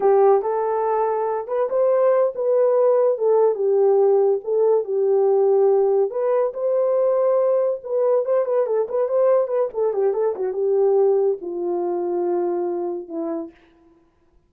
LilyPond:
\new Staff \with { instrumentName = "horn" } { \time 4/4 \tempo 4 = 142 g'4 a'2~ a'8 b'8 | c''4. b'2 a'8~ | a'8 g'2 a'4 g'8~ | g'2~ g'8 b'4 c''8~ |
c''2~ c''8 b'4 c''8 | b'8 a'8 b'8 c''4 b'8 a'8 g'8 | a'8 fis'8 g'2 f'4~ | f'2. e'4 | }